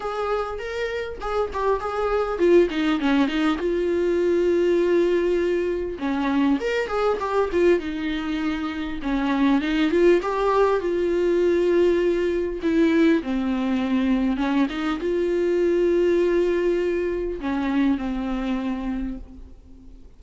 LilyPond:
\new Staff \with { instrumentName = "viola" } { \time 4/4 \tempo 4 = 100 gis'4 ais'4 gis'8 g'8 gis'4 | f'8 dis'8 cis'8 dis'8 f'2~ | f'2 cis'4 ais'8 gis'8 | g'8 f'8 dis'2 cis'4 |
dis'8 f'8 g'4 f'2~ | f'4 e'4 c'2 | cis'8 dis'8 f'2.~ | f'4 cis'4 c'2 | }